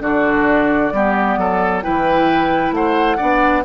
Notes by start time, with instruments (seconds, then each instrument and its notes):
0.00 bassoon D3, clarinet D4, oboe F#4, flute D5
0.92 bassoon G3, clarinet B3, oboe G4
1.37 bassoon F#3, oboe A4
1.81 bassoon E3, clarinet E4, oboe B4, flute G5
2.71 bassoon A3, oboe C5, flute F#5
3.16 bassoon B3, clarinet D4, oboe D5